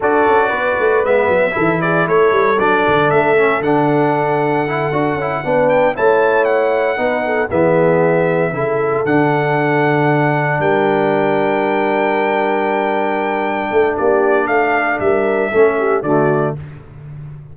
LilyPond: <<
  \new Staff \with { instrumentName = "trumpet" } { \time 4/4 \tempo 4 = 116 d''2 e''4. d''8 | cis''4 d''4 e''4 fis''4~ | fis''2. g''8 a''8~ | a''8 fis''2 e''4.~ |
e''4. fis''2~ fis''8~ | fis''8 g''2.~ g''8~ | g''2. d''4 | f''4 e''2 d''4 | }
  \new Staff \with { instrumentName = "horn" } { \time 4/4 a'4 b'2 a'8 gis'8 | a'1~ | a'2~ a'8 b'4 cis''8~ | cis''4. b'8 a'8 gis'4.~ |
gis'8 a'2.~ a'8~ | a'8 ais'2.~ ais'8~ | ais'2~ ais'8 a'8 g'4 | a'4 ais'4 a'8 g'8 fis'4 | }
  \new Staff \with { instrumentName = "trombone" } { \time 4/4 fis'2 b4 e'4~ | e'4 d'4. cis'8 d'4~ | d'4 e'8 fis'8 e'8 d'4 e'8~ | e'4. dis'4 b4.~ |
b8 e'4 d'2~ d'8~ | d'1~ | d'1~ | d'2 cis'4 a4 | }
  \new Staff \with { instrumentName = "tuba" } { \time 4/4 d'8 cis'8 b8 a8 gis8 fis8 e4 | a8 g8 fis8 d8 a4 d4~ | d4. d'8 cis'8 b4 a8~ | a4. b4 e4.~ |
e8 cis4 d2~ d8~ | d8 g2.~ g8~ | g2~ g8 a8 ais4 | a4 g4 a4 d4 | }
>>